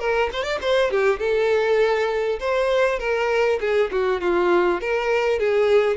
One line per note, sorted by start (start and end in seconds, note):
0.00 0.30 A#4
0.33 0.44 C5
0.44 0.59 D5
0.62 0.91 C5
0.91 1.20 G4
1.20 2.40 A4
2.40 2.99 C5
2.99 3.59 A#4
3.61 3.91 G#4
3.92 4.21 F#4
4.21 4.81 F4
4.81 5.39 A#4
5.39 5.97 G#4